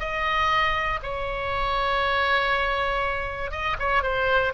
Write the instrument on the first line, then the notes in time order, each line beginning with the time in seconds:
oboe
0.00 D#5
1.03 C#5
3.51 D#5
3.79 C#5
4.03 C5